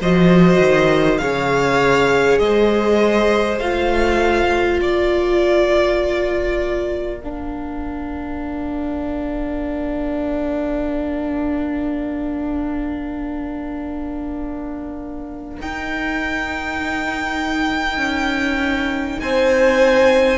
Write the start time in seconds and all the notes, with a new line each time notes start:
0.00 F3 F#4 C5 D#5
0.59 D#3
1.18 C#3 G#4 C#5 F5
2.38 G#3 C5 D#5
3.59 A3 F4 F5
4.79 A#3 A#4 D5
7.21 D4 F5
15.60 D#4 G5
17.97 C#4
19.20 C4 C5 G#5